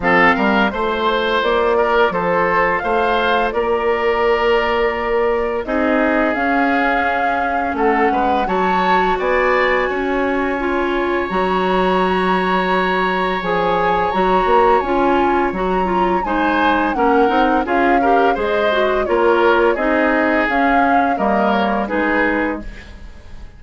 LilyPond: <<
  \new Staff \with { instrumentName = "flute" } { \time 4/4 \tempo 4 = 85 f''4 c''4 d''4 c''4 | f''4 d''2. | dis''4 f''2 fis''4 | a''4 gis''2. |
ais''2. gis''4 | ais''4 gis''4 ais''4 gis''4 | fis''4 f''4 dis''4 cis''4 | dis''4 f''4 dis''8 cis''8 b'4 | }
  \new Staff \with { instrumentName = "oboe" } { \time 4/4 a'8 ais'8 c''4. ais'8 a'4 | c''4 ais'2. | gis'2. a'8 b'8 | cis''4 d''4 cis''2~ |
cis''1~ | cis''2. c''4 | ais'4 gis'8 ais'8 c''4 ais'4 | gis'2 ais'4 gis'4 | }
  \new Staff \with { instrumentName = "clarinet" } { \time 4/4 c'4 f'2.~ | f'1 | dis'4 cis'2. | fis'2. f'4 |
fis'2. gis'4 | fis'4 f'4 fis'8 f'8 dis'4 | cis'8 dis'8 f'8 g'8 gis'8 fis'8 f'4 | dis'4 cis'4 ais4 dis'4 | }
  \new Staff \with { instrumentName = "bassoon" } { \time 4/4 f8 g8 a4 ais4 f4 | a4 ais2. | c'4 cis'2 a8 gis8 | fis4 b4 cis'2 |
fis2. f4 | fis8 ais8 cis'4 fis4 gis4 | ais8 c'8 cis'4 gis4 ais4 | c'4 cis'4 g4 gis4 | }
>>